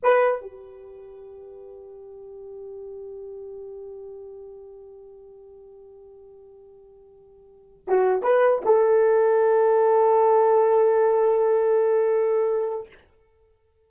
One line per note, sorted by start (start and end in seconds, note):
0.02 0.41 B4
0.41 7.86 G4
7.87 8.22 F#4
8.22 8.62 B4
8.65 12.88 A4